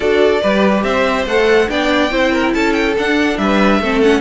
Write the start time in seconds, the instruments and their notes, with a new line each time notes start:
0.00 cello D4, viola F#4, violin A4 D5
0.41 cello G3, viola G4, violin B4
0.83 cello C4, violin C5 E5
1.26 cello A3, viola A4, violin F#5
1.68 cello B3, viola D4, violin D5 G5
2.10 cello C4, viola E4, violin C5
2.32 violin A#4
2.53 cello C#4, violin A4 A5
2.73 violin G5
2.98 cello D4, viola D4, violin F#5
3.37 cello G3, violin B4 E5
3.79 cello A3, viola C4, violin A4
4.01 viola C#4, violin F#5